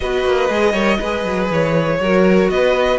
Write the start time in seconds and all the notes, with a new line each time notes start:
0.00 B3 F#4 B4 D#5
0.25 A#3
0.49 G#3 G#4
0.72 G3 A#4 C#5
0.98 G#3 G#4 B4
1.24 F#3
1.50 E3 C#5
2.00 F#3 F#4 A#4
2.48 B3 B4 D#5